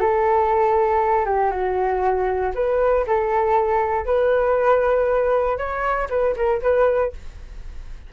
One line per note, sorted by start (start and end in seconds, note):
0.00 1.25 A4
1.25 1.51 G4
1.51 2.53 F#4
2.55 3.06 B4
3.07 4.06 A4
4.06 5.58 B4
5.58 6.09 C#5
6.10 6.35 B4
6.37 6.62 A#4
6.62 7.13 B4